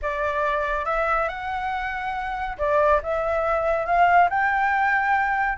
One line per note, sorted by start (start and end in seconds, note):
0.02 0.85 D5
0.85 1.28 E5
1.28 2.57 F#5
2.58 3.00 D5
3.02 3.86 E5
3.86 4.29 F5
4.29 5.58 G5